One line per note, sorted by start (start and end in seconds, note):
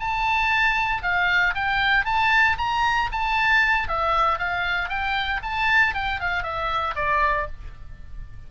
0.00 1.03 A5
1.03 1.55 F5
1.55 2.05 G5
2.05 2.57 A5
2.58 3.10 A#5
3.12 3.88 A5
3.88 4.39 E5
4.39 4.89 F5
4.89 5.41 G5
5.43 5.95 A5
5.95 6.20 G5
6.21 6.43 F5
6.43 6.95 E5
6.96 7.47 D5